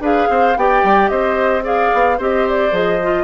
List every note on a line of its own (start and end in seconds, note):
0.00 0.27 D4
0.00 0.55 G#4
0.00 0.28 B4
0.00 0.58 F5
0.29 0.56 C4
0.29 0.57 C5
0.56 0.83 B3
0.56 1.62 G4
0.56 1.11 D5
0.56 1.08 G5
0.83 1.10 G3
1.08 1.91 C4
1.08 1.64 C5
1.08 1.62 D#5
1.62 2.16 G#4
1.62 2.18 D5
1.62 2.20 F5
1.93 2.19 B3
2.18 2.72 C4
2.18 2.71 G4
2.18 3.24 C5
2.18 2.48 D#5
2.48 2.75 D5
2.71 3.24 F3
2.71 2.98 G#4
2.71 3.24 D#5
3.02 3.24 F4